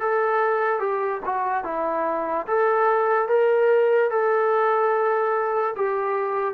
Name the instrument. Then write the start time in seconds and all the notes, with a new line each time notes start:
trombone
0.00 A4
0.80 G4
1.25 F#4
1.64 E4
2.47 A4
3.28 A#4
4.11 A4
5.76 G4